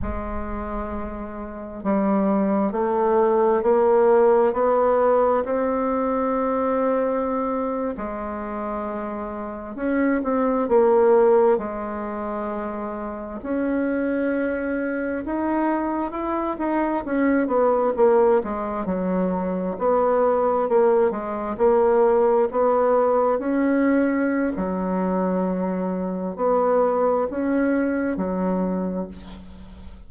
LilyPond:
\new Staff \with { instrumentName = "bassoon" } { \time 4/4 \tempo 4 = 66 gis2 g4 a4 | ais4 b4 c'2~ | c'8. gis2 cis'8 c'8 ais16~ | ais8. gis2 cis'4~ cis'16~ |
cis'8. dis'4 e'8 dis'8 cis'8 b8 ais16~ | ais16 gis8 fis4 b4 ais8 gis8 ais16~ | ais8. b4 cis'4~ cis'16 fis4~ | fis4 b4 cis'4 fis4 | }